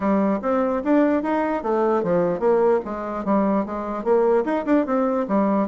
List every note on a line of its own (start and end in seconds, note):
0.00 0.39 G3
0.41 0.82 C4
0.84 1.22 D4
1.22 1.63 D#4
1.63 2.03 A3
2.03 2.39 F3
2.39 2.80 A#3
2.84 3.25 G#3
3.25 3.65 G3
3.65 4.03 G#3
4.03 4.44 A#3
4.44 4.65 D#4
4.65 4.86 D4
4.86 5.26 C4
5.28 5.68 G3